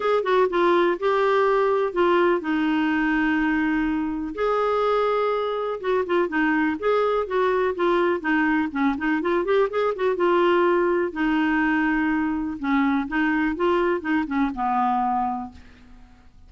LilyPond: \new Staff \with { instrumentName = "clarinet" } { \time 4/4 \tempo 4 = 124 gis'8 fis'8 f'4 g'2 | f'4 dis'2.~ | dis'4 gis'2. | fis'8 f'8 dis'4 gis'4 fis'4 |
f'4 dis'4 cis'8 dis'8 f'8 g'8 | gis'8 fis'8 f'2 dis'4~ | dis'2 cis'4 dis'4 | f'4 dis'8 cis'8 b2 | }